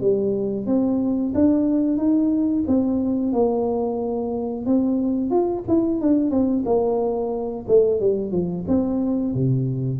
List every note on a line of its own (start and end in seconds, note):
0.00 0.66 G3
0.66 1.33 C4
1.34 1.97 D4
1.97 2.64 D#4
2.67 3.32 C4
3.32 4.65 A#3
4.65 5.30 C4
5.30 5.63 F4
5.68 6.01 E4
6.01 6.30 D4
6.30 6.63 C4
6.65 7.65 A#3
7.68 8.00 A3
8.00 8.31 G3
8.31 8.65 F3
8.68 9.34 C4
9.34 10.00 C3